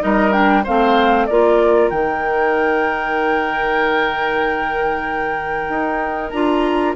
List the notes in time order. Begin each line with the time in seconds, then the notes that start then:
0.00 G3 D#4 A#4 D#5
0.32 D4 G5
0.64 A3 C4 C5 F5
1.26 A#3 F4 A#4 D5
1.90 D#3 D#4 G5
5.70 D#4
6.31 D4 F4 A#5